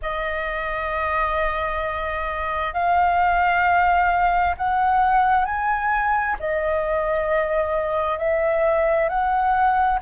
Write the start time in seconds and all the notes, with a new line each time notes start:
0.02 D#5
2.73 F5
4.57 F#5
5.45 G#5
6.39 D#5
8.18 E5
9.08 F#5